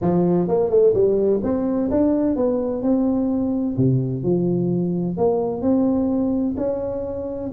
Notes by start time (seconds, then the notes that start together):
0.01 F3
0.48 A#3
0.69 A3
0.94 G3
1.43 C4
1.90 D4
2.36 B3
2.82 C4
3.77 C3
4.23 F3
5.17 A#3
5.61 C4
6.57 C#4